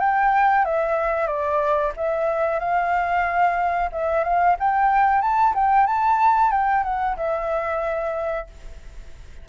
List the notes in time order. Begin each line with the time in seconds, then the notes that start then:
0.00 G5
0.66 E5
1.27 D5
1.97 E5
2.60 F5
3.93 E5
4.24 F5
4.60 G5
5.22 A5
5.55 G5
5.87 A5
6.52 G5
6.84 F#5
7.17 E5